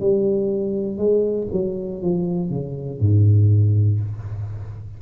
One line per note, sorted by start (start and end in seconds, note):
0.00 0.98 G3
0.98 1.48 G#3
1.52 2.02 F#3
2.02 2.50 F3
2.50 3.00 C#3
3.00 4.00 G#2